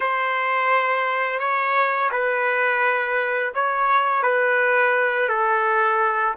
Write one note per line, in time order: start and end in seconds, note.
0.00 1.39 C5
1.39 2.10 C#5
2.11 3.52 B4
3.54 4.23 C#5
4.23 5.28 B4
5.28 6.34 A4